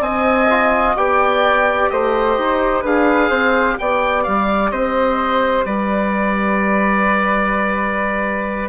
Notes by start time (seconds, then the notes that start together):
0.00 C4 D#5 G#5
0.50 F4
0.96 B3 G4 D5 G5
1.90 A3 C5 D#5
2.38 D#4
2.82 D4 G#4 B4 F5
3.30 C4 C5
3.78 B3 G4 D5 G5
4.24 G3 F5
4.71 C4 C5 D#5
5.65 G3 B4 D5